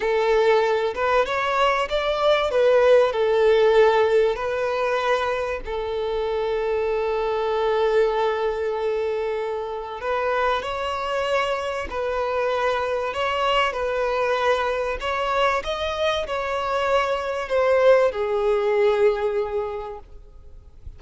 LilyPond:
\new Staff \with { instrumentName = "violin" } { \time 4/4 \tempo 4 = 96 a'4. b'8 cis''4 d''4 | b'4 a'2 b'4~ | b'4 a'2.~ | a'1 |
b'4 cis''2 b'4~ | b'4 cis''4 b'2 | cis''4 dis''4 cis''2 | c''4 gis'2. | }